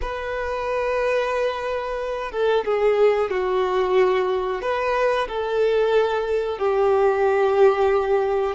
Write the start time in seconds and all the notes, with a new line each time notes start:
0.01 B4
2.31 A4
2.65 G#4
3.30 F#4
4.61 B4
5.27 A4
6.58 G4